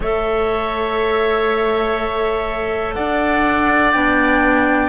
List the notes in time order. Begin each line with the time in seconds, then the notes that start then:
0.00 A3 A4 C#5 E5
2.94 D4 D5 F#5
3.91 B3 D4 G5